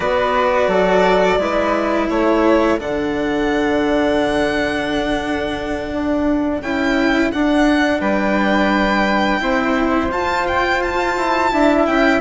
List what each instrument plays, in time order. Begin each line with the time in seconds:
0.00 bassoon B3, cello F#4, flute B4, violin D5
0.67 bassoon F#3, flute A4
1.38 bassoon G#3, cello E4, flute B4
2.08 bassoon A3, flute A4, violin C#5
2.78 bassoon D3, cello D4, violin F#5
5.92 bassoon D4
6.61 bassoon C#4, cello E4, violin G5
7.32 bassoon D4, cello D4, violin F#5
8.00 bassoon G3, flute B4, violin G5
9.39 bassoon C4, cello E4, flute C5
10.10 bassoon F4, cello F4, violin A5
10.47 violin G5
10.82 violin A5
11.16 bassoon E4
11.50 bassoon D4, cello E4, flute E5
11.86 bassoon C#4, violin G5